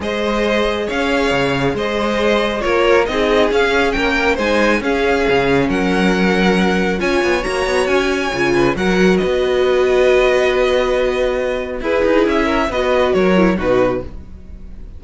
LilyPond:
<<
  \new Staff \with { instrumentName = "violin" } { \time 4/4 \tempo 4 = 137 dis''2 f''2 | dis''2 cis''4 dis''4 | f''4 g''4 gis''4 f''4~ | f''4 fis''2. |
gis''4 ais''4 gis''2 | fis''4 dis''2.~ | dis''2. b'4 | e''4 dis''4 cis''4 b'4 | }
  \new Staff \with { instrumentName = "violin" } { \time 4/4 c''2 cis''2 | c''2 ais'4 gis'4~ | gis'4 ais'4 c''4 gis'4~ | gis'4 ais'2. |
cis''2.~ cis''8 b'8 | ais'4 b'2.~ | b'2. gis'4~ | gis'8 ais'8 b'4 ais'4 fis'4 | }
  \new Staff \with { instrumentName = "viola" } { \time 4/4 gis'1~ | gis'2 f'4 dis'4 | cis'2 dis'4 cis'4~ | cis'1 |
f'4 fis'2 f'4 | fis'1~ | fis'2. e'4~ | e'4 fis'4. e'8 dis'4 | }
  \new Staff \with { instrumentName = "cello" } { \time 4/4 gis2 cis'4 cis4 | gis2 ais4 c'4 | cis'4 ais4 gis4 cis'4 | cis4 fis2. |
cis'8 b8 ais8 b8 cis'4 cis4 | fis4 b2.~ | b2. e'8 dis'8 | cis'4 b4 fis4 b,4 | }
>>